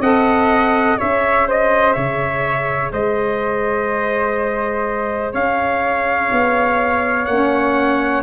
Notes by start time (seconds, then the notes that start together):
0.00 C4 A4 D#5 F#5
0.98 C#4 G#4 C#5 E5
1.47 C5 D#5
1.93 C#3 C#5 E5
2.92 G#3 C5 D#5
5.32 C#4 C#5 F5
6.32 B3
7.25 A#3 C#4 F#5